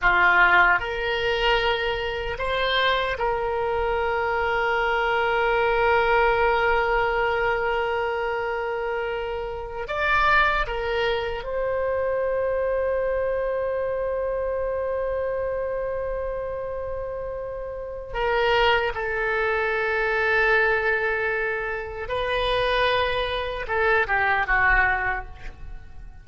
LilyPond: \new Staff \with { instrumentName = "oboe" } { \time 4/4 \tempo 4 = 76 f'4 ais'2 c''4 | ais'1~ | ais'1~ | ais'8 d''4 ais'4 c''4.~ |
c''1~ | c''2. ais'4 | a'1 | b'2 a'8 g'8 fis'4 | }